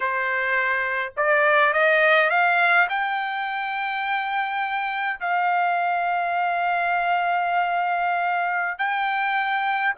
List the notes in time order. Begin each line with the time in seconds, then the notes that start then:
0.00 C5
1.16 D5
1.73 D#5
2.29 F5
2.89 G5
5.20 F5
8.78 G5